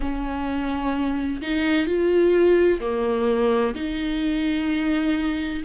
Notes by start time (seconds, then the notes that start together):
0.00 C#4
1.41 D#4
1.86 F4
2.80 A#3
3.75 D#4